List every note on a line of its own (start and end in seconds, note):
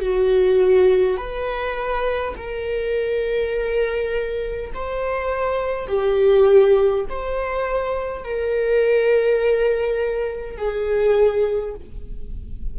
0.00 1.17 F#4
1.17 2.34 B4
2.36 4.72 A#4
4.74 5.87 C5
5.87 7.05 G4
7.09 8.24 C5
8.24 10.57 A#4
10.57 11.75 G#4